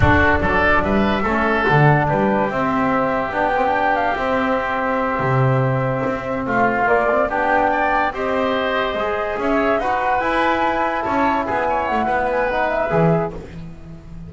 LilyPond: <<
  \new Staff \with { instrumentName = "flute" } { \time 4/4 \tempo 4 = 144 a'4 d''4 e''2 | fis''4 b'4 e''2 | g''4. f''8 e''2~ | e''2.~ e''8 f''8~ |
f''8 d''4 g''2 dis''8~ | dis''2~ dis''8 e''4 fis''8~ | fis''8 gis''2 a''4 gis''8~ | gis''8 fis''4 gis''8 fis''8 e''4. | }
  \new Staff \with { instrumentName = "oboe" } { \time 4/4 fis'4 a'4 b'4 a'4~ | a'4 g'2.~ | g'1~ | g'2.~ g'8 f'8~ |
f'4. g'4 d''4 c''8~ | c''2~ c''8 cis''4 b'8~ | b'2~ b'8 cis''4 gis'8 | cis''4 b'2. | }
  \new Staff \with { instrumentName = "trombone" } { \time 4/4 d'2. cis'4 | d'2 c'2 | d'8 c'16 d'4~ d'16 c'2~ | c'1~ |
c'8 ais8 c'8 d'2 g'8~ | g'4. gis'2 fis'8~ | fis'8 e'2.~ e'8~ | e'2 dis'4 gis'4 | }
  \new Staff \with { instrumentName = "double bass" } { \time 4/4 d'4 fis4 g4 a4 | d4 g4 c'2 | b2 c'2~ | c'8 c2 c'4 a8~ |
a8 ais4 b2 c'8~ | c'4. gis4 cis'4 dis'8~ | dis'8 e'2 cis'4 b8~ | b8 a8 b2 e4 | }
>>